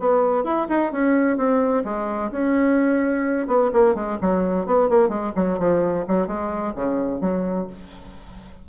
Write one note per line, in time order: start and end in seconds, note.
0.00 0.44 B3
0.44 0.68 E4
0.69 0.92 D#4
0.92 1.37 C#4
1.37 1.84 C4
1.85 2.31 G#3
2.32 3.48 C#4
3.48 3.71 B3
3.73 3.95 A#3
3.95 4.18 G#3
4.21 4.66 F#3
4.66 4.89 B3
4.90 5.09 A#3
5.09 5.32 G#3
5.36 5.59 F#3
5.59 6.06 F3
6.08 6.27 F#3
6.27 6.74 G#3
6.75 7.21 C#3
7.21 7.67 F#3